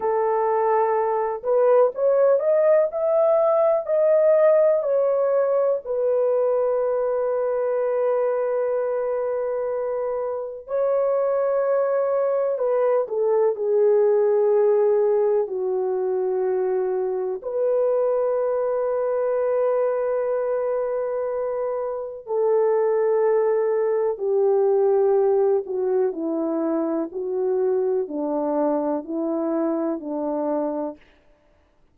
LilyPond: \new Staff \with { instrumentName = "horn" } { \time 4/4 \tempo 4 = 62 a'4. b'8 cis''8 dis''8 e''4 | dis''4 cis''4 b'2~ | b'2. cis''4~ | cis''4 b'8 a'8 gis'2 |
fis'2 b'2~ | b'2. a'4~ | a'4 g'4. fis'8 e'4 | fis'4 d'4 e'4 d'4 | }